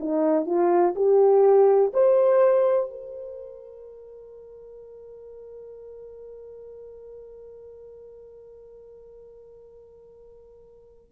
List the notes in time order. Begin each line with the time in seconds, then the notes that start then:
0.00 D#4
0.46 F4
0.96 G4
1.94 C5
2.90 A#4